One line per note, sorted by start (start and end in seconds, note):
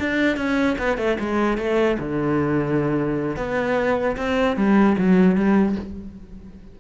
0.00 0.37 D4
0.37 0.77 C#4
0.79 0.98 B3
0.98 1.18 A3
1.20 1.58 G#3
1.58 1.98 A3
2.00 3.37 D3
3.37 4.17 B3
4.17 4.57 C4
4.57 4.97 G3
4.99 5.36 F#3
5.36 5.76 G3